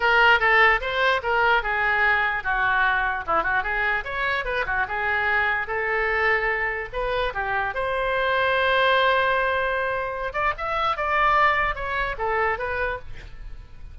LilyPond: \new Staff \with { instrumentName = "oboe" } { \time 4/4 \tempo 4 = 148 ais'4 a'4 c''4 ais'4 | gis'2 fis'2 | e'8 fis'8 gis'4 cis''4 b'8 fis'8 | gis'2 a'2~ |
a'4 b'4 g'4 c''4~ | c''1~ | c''4. d''8 e''4 d''4~ | d''4 cis''4 a'4 b'4 | }